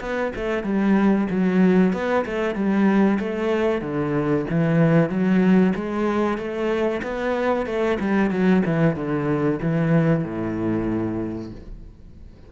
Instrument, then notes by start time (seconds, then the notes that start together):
cello
0.00 B3
0.36 A3
0.63 G3
1.30 F#3
1.93 B3
2.25 A3
2.55 G3
3.19 A3
3.81 D3
4.49 E3
5.09 F#3
5.75 G#3
6.38 A3
7.02 B3
7.66 A3
8.00 G3
8.30 F#3
8.65 E3
8.96 D3
9.62 E3
10.24 A2